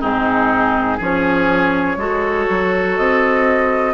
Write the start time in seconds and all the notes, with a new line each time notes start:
0.00 G#2 C4 D#4 G#4
0.97 F3 C#4 G#4 C#5
1.96 G#3 F#4 A4
2.49 F#3
2.96 C4 D#5